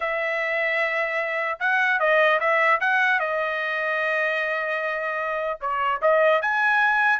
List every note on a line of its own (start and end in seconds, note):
0.00 1.58 E5
1.59 1.99 F#5
1.99 2.39 D#5
2.39 2.79 E5
2.80 3.19 F#5
3.19 5.59 D#5
5.60 6.00 C#5
6.01 6.41 D#5
6.41 7.19 G#5